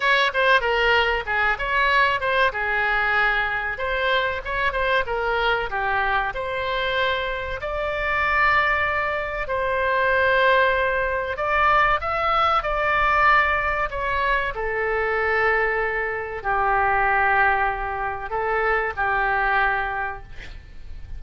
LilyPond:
\new Staff \with { instrumentName = "oboe" } { \time 4/4 \tempo 4 = 95 cis''8 c''8 ais'4 gis'8 cis''4 c''8 | gis'2 c''4 cis''8 c''8 | ais'4 g'4 c''2 | d''2. c''4~ |
c''2 d''4 e''4 | d''2 cis''4 a'4~ | a'2 g'2~ | g'4 a'4 g'2 | }